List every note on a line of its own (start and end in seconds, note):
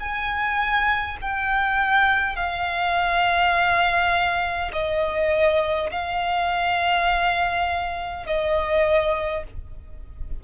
0.00 1.18 G#5
1.21 2.36 G5
2.36 4.72 F5
4.73 5.90 D#5
5.91 8.26 F5
8.26 9.44 D#5